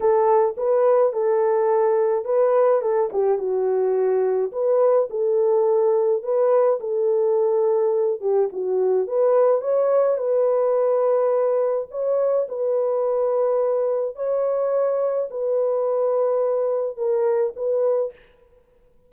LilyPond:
\new Staff \with { instrumentName = "horn" } { \time 4/4 \tempo 4 = 106 a'4 b'4 a'2 | b'4 a'8 g'8 fis'2 | b'4 a'2 b'4 | a'2~ a'8 g'8 fis'4 |
b'4 cis''4 b'2~ | b'4 cis''4 b'2~ | b'4 cis''2 b'4~ | b'2 ais'4 b'4 | }